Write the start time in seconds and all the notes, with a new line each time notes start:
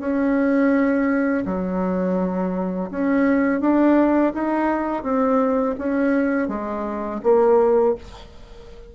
0.00 C#4
1.46 F#3
2.91 C#4
3.61 D4
4.34 D#4
5.03 C4
5.79 C#4
6.48 G#3
7.23 A#3